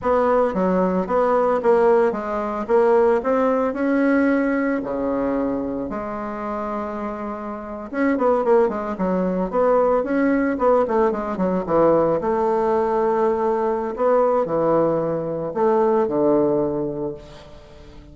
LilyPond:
\new Staff \with { instrumentName = "bassoon" } { \time 4/4 \tempo 4 = 112 b4 fis4 b4 ais4 | gis4 ais4 c'4 cis'4~ | cis'4 cis2 gis4~ | gis2~ gis8. cis'8 b8 ais16~ |
ais16 gis8 fis4 b4 cis'4 b16~ | b16 a8 gis8 fis8 e4 a4~ a16~ | a2 b4 e4~ | e4 a4 d2 | }